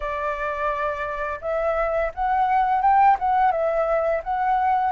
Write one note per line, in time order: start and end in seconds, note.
0.00 1.39 D5
1.41 2.11 E5
2.14 2.81 F#5
2.81 3.16 G5
3.19 3.51 F#5
3.51 4.22 E5
4.24 4.92 F#5